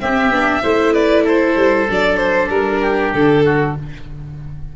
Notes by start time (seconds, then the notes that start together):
0.00 C4 G4 E5
0.30 B3 D4
0.62 A3 E4 C5
0.93 B4 D5
1.24 A4 C5
1.56 G3
1.88 F#3 D4 D5
2.17 C5
2.49 G3 A#4
2.81 G4
3.14 D3 A4
3.44 F#4